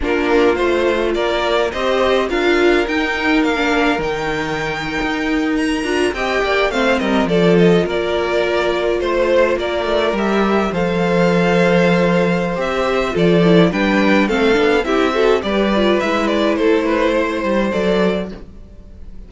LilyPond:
<<
  \new Staff \with { instrumentName = "violin" } { \time 4/4 \tempo 4 = 105 ais'4 c''4 d''4 dis''4 | f''4 g''4 f''4 g''4~ | g''4.~ g''16 ais''4 g''4 f''16~ | f''16 dis''8 d''8 dis''8 d''2 c''16~ |
c''8. d''4 e''4 f''4~ f''16~ | f''2 e''4 d''4 | g''4 f''4 e''4 d''4 | e''8 d''8 c''2 d''4 | }
  \new Staff \with { instrumentName = "violin" } { \time 4/4 f'2 ais'4 c''4 | ais'1~ | ais'2~ ais'8. dis''8 d''8 c''16~ | c''16 ais'8 a'4 ais'2 c''16~ |
c''8. ais'2 c''4~ c''16~ | c''2. a'4 | b'4 a'4 g'8 a'8 b'4~ | b'4 a'8 b'8 c''2 | }
  \new Staff \with { instrumentName = "viola" } { \time 4/4 d'4 f'2 g'4 | f'4 dis'4~ dis'16 d'8. dis'4~ | dis'2~ dis'16 f'8 g'4 c'16~ | c'8. f'2.~ f'16~ |
f'4.~ f'16 g'4 a'4~ a'16~ | a'2 g'4 f'8 e'8 | d'4 c'8 d'8 e'8 fis'8 g'8 f'8 | e'2. a'4 | }
  \new Staff \with { instrumentName = "cello" } { \time 4/4 ais4 a4 ais4 c'4 | d'4 dis'4 ais4 dis4~ | dis8. dis'4. d'8 c'8 ais8 a16~ | a16 g8 f4 ais2 a16~ |
a8. ais8 a8 g4 f4~ f16~ | f2 c'4 f4 | g4 a8 b8 c'4 g4 | gis4 a4. g8 fis4 | }
>>